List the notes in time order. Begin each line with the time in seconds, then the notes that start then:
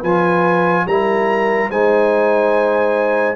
0.00 F3 F4 B4 G#5
0.86 G3 E4 A#4 A#5
1.70 G#3 D#4 C5 G#5